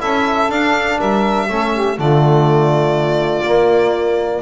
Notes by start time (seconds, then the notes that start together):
0.00 C#4 E4 A4 E5
0.49 D4 F5
0.97 G3 A#4 E5
1.48 A3 C#4 A4
1.73 G4
1.97 D3 A3 F4 D5
3.42 A#3